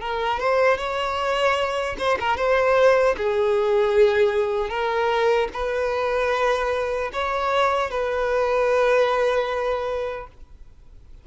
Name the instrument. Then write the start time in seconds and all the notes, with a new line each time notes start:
violin
0.00 A#4
0.39 C5
0.77 C#5
1.98 C5
2.19 A#4
2.36 C5
3.17 G#4
4.69 A#4
5.53 B4
7.12 C#5
7.90 B4